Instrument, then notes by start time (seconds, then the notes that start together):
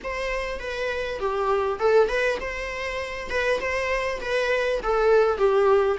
viola
0.03 C5
0.59 B4
1.19 G4
1.79 A4
2.08 B4
2.40 C5
3.30 B4
3.60 C5
4.21 B4
4.82 A4
5.37 G4